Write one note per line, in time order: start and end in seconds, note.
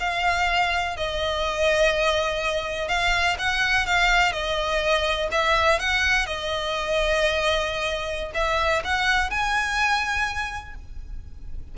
0.00 0.97 F5
0.97 2.88 D#5
2.88 3.37 F5
3.39 3.86 F#5
3.86 4.32 F5
4.32 5.29 D#5
5.32 5.80 E5
5.80 6.26 F#5
6.26 8.32 D#5
8.34 8.83 E5
8.84 9.30 F#5
9.30 10.75 G#5